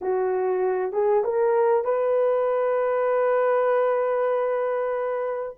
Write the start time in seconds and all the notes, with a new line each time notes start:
0.01 F#4
0.92 G#4
1.24 A#4
1.84 B4